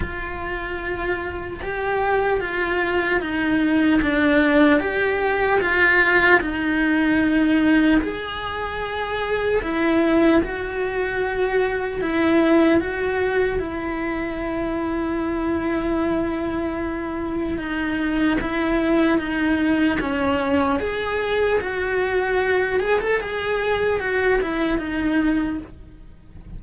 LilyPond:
\new Staff \with { instrumentName = "cello" } { \time 4/4 \tempo 4 = 75 f'2 g'4 f'4 | dis'4 d'4 g'4 f'4 | dis'2 gis'2 | e'4 fis'2 e'4 |
fis'4 e'2.~ | e'2 dis'4 e'4 | dis'4 cis'4 gis'4 fis'4~ | fis'8 gis'16 a'16 gis'4 fis'8 e'8 dis'4 | }